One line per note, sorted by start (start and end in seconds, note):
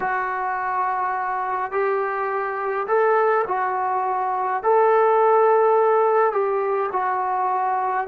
0.00 1.71 F#4
1.71 2.86 G4
2.87 3.45 A4
3.47 4.63 F#4
4.63 6.32 A4
6.32 6.90 G4
6.92 8.07 F#4